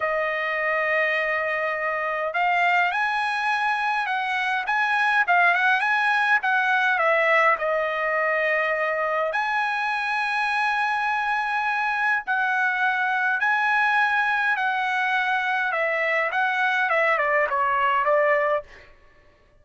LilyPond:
\new Staff \with { instrumentName = "trumpet" } { \time 4/4 \tempo 4 = 103 dis''1 | f''4 gis''2 fis''4 | gis''4 f''8 fis''8 gis''4 fis''4 | e''4 dis''2. |
gis''1~ | gis''4 fis''2 gis''4~ | gis''4 fis''2 e''4 | fis''4 e''8 d''8 cis''4 d''4 | }